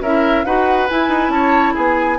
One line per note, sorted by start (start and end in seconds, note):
0.00 0.43 C#4
0.00 0.45 E4
0.00 0.45 A#4
0.00 0.44 E5
0.44 0.88 D#4
0.44 0.88 F#4
0.44 1.32 B4
0.44 0.88 F#5
0.88 2.18 E4
0.88 1.08 E4
0.88 1.30 G#5
1.08 1.28 D#4
1.28 1.72 C#4
1.28 1.74 C#5
1.28 1.74 A5
1.74 2.18 B3
1.74 2.17 G#4
1.74 2.18 G#5